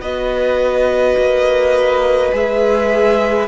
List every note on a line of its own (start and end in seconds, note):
0.00 1.15 B3
0.00 2.32 F#4
0.00 3.47 B4
0.00 2.31 D#5
1.16 2.32 A#3
2.32 3.47 G#3
2.32 3.47 G#4
2.32 3.47 E5